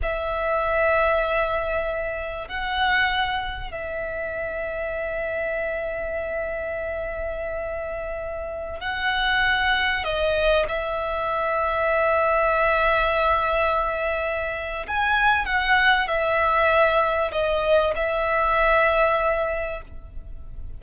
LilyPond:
\new Staff \with { instrumentName = "violin" } { \time 4/4 \tempo 4 = 97 e''1 | fis''2 e''2~ | e''1~ | e''2~ e''16 fis''4.~ fis''16~ |
fis''16 dis''4 e''2~ e''8.~ | e''1 | gis''4 fis''4 e''2 | dis''4 e''2. | }